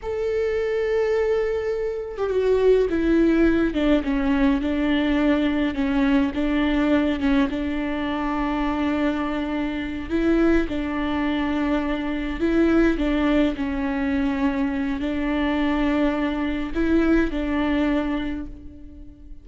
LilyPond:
\new Staff \with { instrumentName = "viola" } { \time 4/4 \tempo 4 = 104 a'2.~ a'8. g'16 | fis'4 e'4. d'8 cis'4 | d'2 cis'4 d'4~ | d'8 cis'8 d'2.~ |
d'4. e'4 d'4.~ | d'4. e'4 d'4 cis'8~ | cis'2 d'2~ | d'4 e'4 d'2 | }